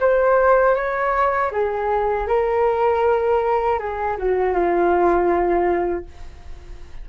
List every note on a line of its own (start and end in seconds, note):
0.00 0.75 C5
0.75 1.51 C#5
1.51 2.27 G#4
2.28 3.79 A#4
3.79 4.17 G#4
4.17 4.53 F#4
4.53 6.05 F4